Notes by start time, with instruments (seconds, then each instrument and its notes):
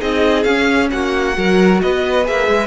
0.00 cello C4, viola D#4, violin G#4 D#5
0.44 cello C#4, viola C#4, violin F5
0.91 cello A#3, violin F#4 F#5
1.34 cello F#3, viola F#4, violin A#4
1.82 cello B3, violin B4 D#5
2.25 cello A#3, viola G#4, violin E5
2.48 cello G#3